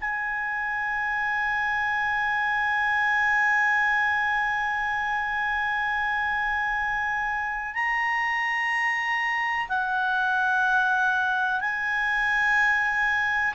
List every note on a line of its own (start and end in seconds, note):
0.00 7.74 G#5
7.74 9.67 A#5
9.68 11.60 F#5
11.60 13.54 G#5